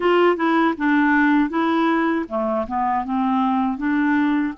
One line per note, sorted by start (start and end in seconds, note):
0.00 0.36 F4
0.36 0.74 E4
0.77 1.49 D4
1.49 2.25 E4
2.28 2.66 A3
2.67 3.04 B3
3.04 3.77 C4
3.77 4.53 D4